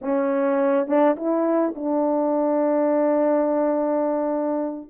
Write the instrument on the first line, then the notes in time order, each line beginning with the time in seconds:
horn
0.01 C#4
0.87 D4
1.16 E4
1.75 D4